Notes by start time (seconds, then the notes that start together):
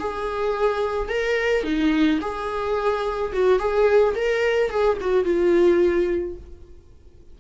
0.00 G#4
1.09 A#4
1.64 D#4
2.22 G#4
3.33 F#4
3.59 G#4
4.15 A#4
4.70 G#4
5.01 F#4
5.25 F4